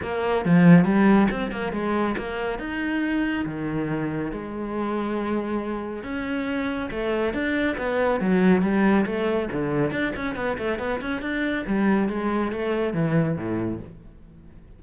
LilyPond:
\new Staff \with { instrumentName = "cello" } { \time 4/4 \tempo 4 = 139 ais4 f4 g4 c'8 ais8 | gis4 ais4 dis'2 | dis2 gis2~ | gis2 cis'2 |
a4 d'4 b4 fis4 | g4 a4 d4 d'8 cis'8 | b8 a8 b8 cis'8 d'4 g4 | gis4 a4 e4 a,4 | }